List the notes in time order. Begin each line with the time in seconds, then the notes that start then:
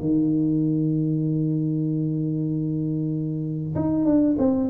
0.00 D#3
3.76 D#4
4.05 D4
4.39 C4